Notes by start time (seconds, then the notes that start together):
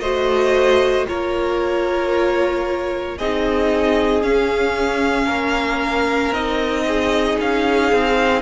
0.00 A3 F#4 C5 D#5
1.07 A#3 F4 A#4 C#5
3.17 C4 D#4 G#4 D#5
4.23 C#4 F5
5.26 A#3 A#4
6.31 C4 D#4 D#5
6.87 G#4
7.40 C#4 F5
7.91 C4